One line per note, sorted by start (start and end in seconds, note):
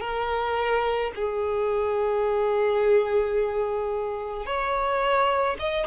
0.00 1.11 A#4
1.15 4.46 G#4
4.46 5.57 C#5
5.59 5.86 D#5